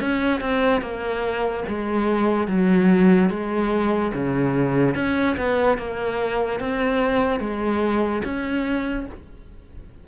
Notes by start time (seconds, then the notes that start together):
0.00 C#4
0.40 C4
0.81 A#3
1.68 G#3
2.47 F#3
3.30 G#3
4.14 C#3
4.95 C#4
5.37 B3
5.78 A#3
6.59 C4
7.40 G#3
8.24 C#4